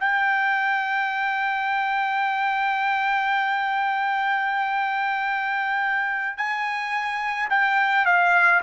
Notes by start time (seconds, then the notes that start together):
0.00 G5
6.38 G#5
7.51 G5
8.06 F5